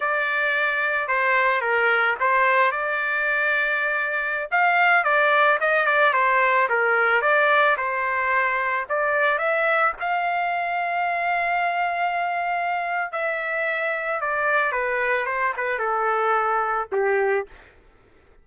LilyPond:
\new Staff \with { instrumentName = "trumpet" } { \time 4/4 \tempo 4 = 110 d''2 c''4 ais'4 | c''4 d''2.~ | d''16 f''4 d''4 dis''8 d''8 c''8.~ | c''16 ais'4 d''4 c''4.~ c''16~ |
c''16 d''4 e''4 f''4.~ f''16~ | f''1 | e''2 d''4 b'4 | c''8 b'8 a'2 g'4 | }